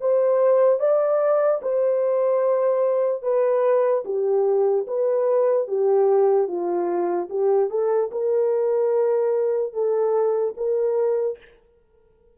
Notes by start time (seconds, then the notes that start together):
0.00 C5
0.80 D5
1.62 C5
3.22 B4
4.05 G4
4.87 B4
5.67 G4
6.47 F4
7.29 G4
7.70 A4
8.12 A#4
9.73 A4
10.57 A#4